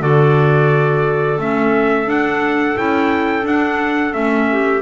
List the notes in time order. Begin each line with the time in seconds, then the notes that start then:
0.00 D3 F#4 A4 D5
1.38 A3 C#4 E5
2.06 D4 F#5
2.77 C#4 E4 G5
3.43 D4 F#5
4.12 A3 C#4 E5
4.51 G4